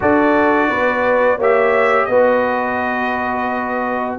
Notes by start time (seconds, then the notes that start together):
0.00 D4 F#4 A4 D5
0.69 B3 B4
1.37 A#3 G4 C#5 E5
2.05 B3 F#4 B4 D#5